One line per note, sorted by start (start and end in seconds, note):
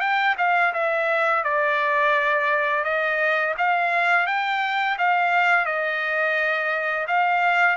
0.00 0.35 G5
0.38 0.73 F5
0.73 1.43 E5
1.43 2.84 D5
2.84 3.55 D#5
3.58 4.26 F5
4.26 4.97 G5
4.98 5.65 F5
5.65 7.06 D#5
7.07 7.76 F5